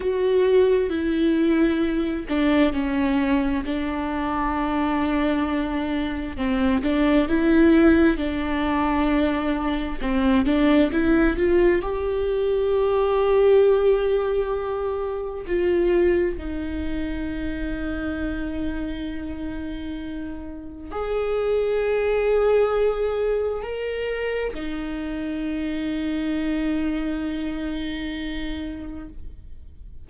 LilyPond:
\new Staff \with { instrumentName = "viola" } { \time 4/4 \tempo 4 = 66 fis'4 e'4. d'8 cis'4 | d'2. c'8 d'8 | e'4 d'2 c'8 d'8 | e'8 f'8 g'2.~ |
g'4 f'4 dis'2~ | dis'2. gis'4~ | gis'2 ais'4 dis'4~ | dis'1 | }